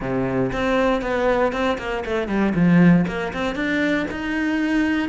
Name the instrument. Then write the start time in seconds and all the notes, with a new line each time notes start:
cello
0.00 C3
0.52 C4
1.01 B3
1.52 C4
1.78 A#3
2.05 A3
2.27 G3
2.54 F3
3.07 A#3
3.33 C4
3.55 D4
4.10 D#4